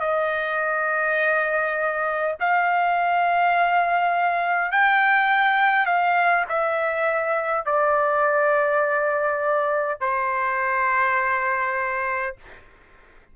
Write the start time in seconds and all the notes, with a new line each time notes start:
0.00 D#5
2.40 F5
4.72 G5
5.86 F5
6.49 E5
7.66 D5
10.01 C5